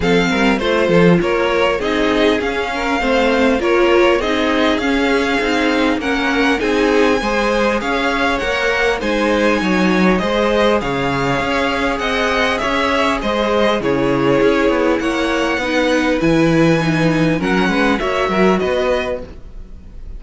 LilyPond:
<<
  \new Staff \with { instrumentName = "violin" } { \time 4/4 \tempo 4 = 100 f''4 c''4 cis''4 dis''4 | f''2 cis''4 dis''4 | f''2 fis''4 gis''4~ | gis''4 f''4 fis''4 gis''4~ |
gis''4 dis''4 f''2 | fis''4 e''4 dis''4 cis''4~ | cis''4 fis''2 gis''4~ | gis''4 fis''4 e''4 dis''4 | }
  \new Staff \with { instrumentName = "violin" } { \time 4/4 a'8 ais'8 c''8 a'8 ais'4 gis'4~ | gis'8 ais'8 c''4 ais'4 gis'4~ | gis'2 ais'4 gis'4 | c''4 cis''2 c''4 |
cis''4 c''4 cis''2 | dis''4 cis''4 c''4 gis'4~ | gis'4 cis''4 b'2~ | b'4 ais'8 b'8 cis''8 ais'8 b'4 | }
  \new Staff \with { instrumentName = "viola" } { \time 4/4 c'4 f'2 dis'4 | cis'4 c'4 f'4 dis'4 | cis'4 dis'4 cis'4 dis'4 | gis'2 ais'4 dis'4~ |
dis'4 gis'2.~ | gis'2. e'4~ | e'2 dis'4 e'4 | dis'4 cis'4 fis'2 | }
  \new Staff \with { instrumentName = "cello" } { \time 4/4 f8 g8 a8 f8 ais4 c'4 | cis'4 a4 ais4 c'4 | cis'4 c'4 ais4 c'4 | gis4 cis'4 ais4 gis4 |
fis4 gis4 cis4 cis'4 | c'4 cis'4 gis4 cis4 | cis'8 b8 ais4 b4 e4~ | e4 fis8 gis8 ais8 fis8 b4 | }
>>